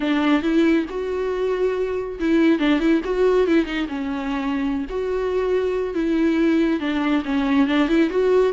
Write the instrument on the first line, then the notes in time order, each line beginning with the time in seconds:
viola
0.00 D4
0.42 E4
0.89 F#4
2.19 E4
2.59 D4
2.79 E4
3.04 F#4
3.47 E4
3.65 D#4
3.88 C#4
4.89 F#4
5.94 E4
6.80 D4
7.25 C#4
7.67 D4
7.88 E4
8.10 F#4